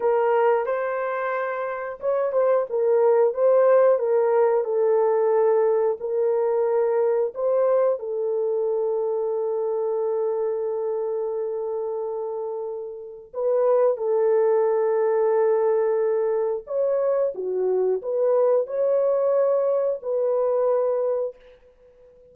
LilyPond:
\new Staff \with { instrumentName = "horn" } { \time 4/4 \tempo 4 = 90 ais'4 c''2 cis''8 c''8 | ais'4 c''4 ais'4 a'4~ | a'4 ais'2 c''4 | a'1~ |
a'1 | b'4 a'2.~ | a'4 cis''4 fis'4 b'4 | cis''2 b'2 | }